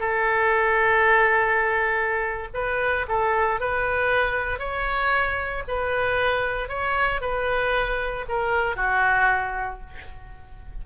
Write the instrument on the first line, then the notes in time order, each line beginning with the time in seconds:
oboe
0.00 A4
2.54 B4
3.08 A4
3.60 B4
4.59 C#5
5.68 B4
6.69 C#5
7.21 B4
8.29 A#4
8.76 F#4